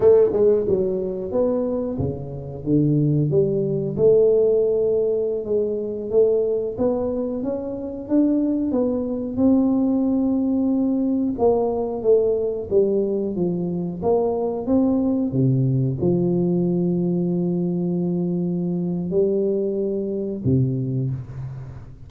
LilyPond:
\new Staff \with { instrumentName = "tuba" } { \time 4/4 \tempo 4 = 91 a8 gis8 fis4 b4 cis4 | d4 g4 a2~ | a16 gis4 a4 b4 cis'8.~ | cis'16 d'4 b4 c'4.~ c'16~ |
c'4~ c'16 ais4 a4 g8.~ | g16 f4 ais4 c'4 c8.~ | c16 f2.~ f8.~ | f4 g2 c4 | }